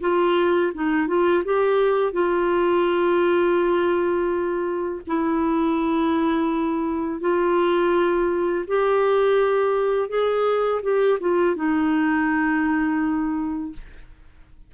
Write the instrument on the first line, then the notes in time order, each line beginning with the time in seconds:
clarinet
0.00 F4
0.74 D#4
1.07 F4
1.45 G4
2.13 F4
5.07 E4
7.20 F4
8.67 G4
10.09 G#4
10.82 G4
11.20 F4
11.56 D#4